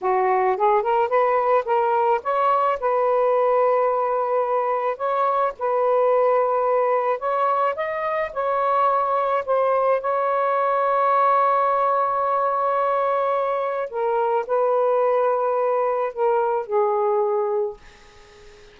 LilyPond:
\new Staff \with { instrumentName = "saxophone" } { \time 4/4 \tempo 4 = 108 fis'4 gis'8 ais'8 b'4 ais'4 | cis''4 b'2.~ | b'4 cis''4 b'2~ | b'4 cis''4 dis''4 cis''4~ |
cis''4 c''4 cis''2~ | cis''1~ | cis''4 ais'4 b'2~ | b'4 ais'4 gis'2 | }